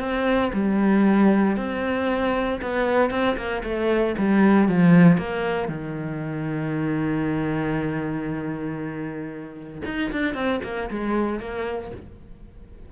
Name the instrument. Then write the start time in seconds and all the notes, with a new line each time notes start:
cello
0.00 C4
0.54 G3
1.58 C4
2.62 B3
3.11 C4
3.37 A#3
3.64 A3
4.18 G3
4.69 F3
5.18 A#3
5.69 D#3
9.86 D#4
10.12 D4
10.35 C4
10.64 A#3
10.91 G#3
11.40 A#3